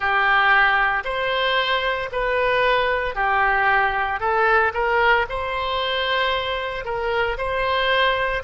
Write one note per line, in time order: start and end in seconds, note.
0.00 1.03 G4
1.04 2.09 C5
2.11 3.15 B4
3.15 4.20 G4
4.20 4.72 A4
4.73 5.26 A#4
5.29 6.84 C5
6.84 7.37 A#4
7.37 8.43 C5